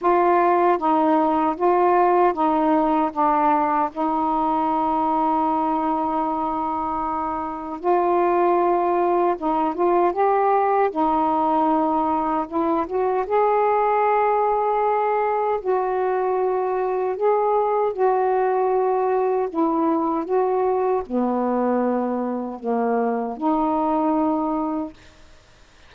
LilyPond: \new Staff \with { instrumentName = "saxophone" } { \time 4/4 \tempo 4 = 77 f'4 dis'4 f'4 dis'4 | d'4 dis'2.~ | dis'2 f'2 | dis'8 f'8 g'4 dis'2 |
e'8 fis'8 gis'2. | fis'2 gis'4 fis'4~ | fis'4 e'4 fis'4 b4~ | b4 ais4 dis'2 | }